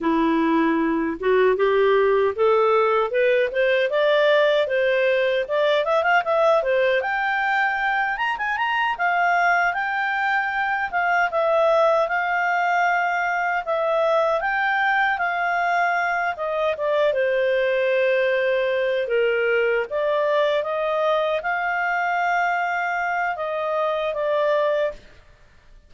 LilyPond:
\new Staff \with { instrumentName = "clarinet" } { \time 4/4 \tempo 4 = 77 e'4. fis'8 g'4 a'4 | b'8 c''8 d''4 c''4 d''8 e''16 f''16 | e''8 c''8 g''4. ais''16 gis''16 ais''8 f''8~ | f''8 g''4. f''8 e''4 f''8~ |
f''4. e''4 g''4 f''8~ | f''4 dis''8 d''8 c''2~ | c''8 ais'4 d''4 dis''4 f''8~ | f''2 dis''4 d''4 | }